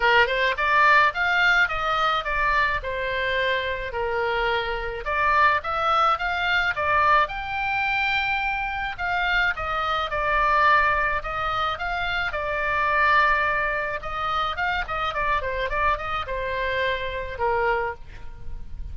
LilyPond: \new Staff \with { instrumentName = "oboe" } { \time 4/4 \tempo 4 = 107 ais'8 c''8 d''4 f''4 dis''4 | d''4 c''2 ais'4~ | ais'4 d''4 e''4 f''4 | d''4 g''2. |
f''4 dis''4 d''2 | dis''4 f''4 d''2~ | d''4 dis''4 f''8 dis''8 d''8 c''8 | d''8 dis''8 c''2 ais'4 | }